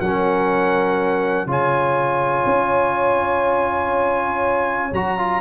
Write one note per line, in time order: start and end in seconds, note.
0.00 1.46 F#3
0.00 1.47 C#4
0.00 1.48 A#4
0.00 1.48 F#5
1.46 2.44 C#3
1.46 4.91 F4
1.46 5.41 C#5
1.46 4.94 G#5
2.46 4.92 C#4
4.92 5.41 F#3
4.92 5.18 F#4
4.92 5.41 A#5
5.18 5.41 F4